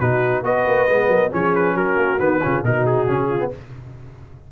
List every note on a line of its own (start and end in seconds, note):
0.00 0.43 B2
0.00 0.44 D#4
0.00 0.43 F#4
0.00 0.44 B4
0.43 0.65 B3
0.43 0.88 F#4
0.43 1.09 B4
0.43 1.32 D#5
0.66 0.88 A#3
0.89 1.08 G#3
0.89 1.31 B3
1.08 1.30 F#3
1.08 1.31 A#4
1.31 1.75 F3
1.31 2.19 C#4
1.31 1.75 G#4
1.31 1.55 C#5
1.55 1.77 B4
1.75 1.97 F#3
1.75 2.40 F#4
1.75 2.20 A#4
1.97 2.18 A#3
2.19 2.41 D#3
2.19 2.41 B3
2.19 2.64 B4
2.42 2.63 C#3
2.42 2.64 C#4
2.42 2.65 F4
2.63 3.07 B2
2.63 3.08 D#4
2.63 3.29 F#4
2.63 2.86 A#4
2.86 3.52 G#4
3.08 3.52 C#3
3.08 3.39 C#4
3.29 3.51 F4
3.39 3.50 B3